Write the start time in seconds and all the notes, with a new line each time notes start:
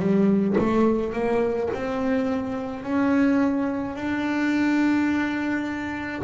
0.00 G3
0.58 A3
1.13 A#3
1.74 C4
2.84 C#4
3.96 D4